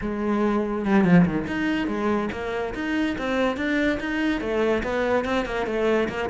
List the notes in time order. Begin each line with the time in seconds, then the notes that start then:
0.01 G#3
0.85 G3
1.04 F3
1.25 D#3
1.47 D#4
1.87 G#3
2.32 A#3
2.74 D#4
3.18 C4
3.56 D4
4.00 D#4
4.40 A3
4.83 B3
5.24 C4
5.45 A#3
5.66 A3
6.08 A#3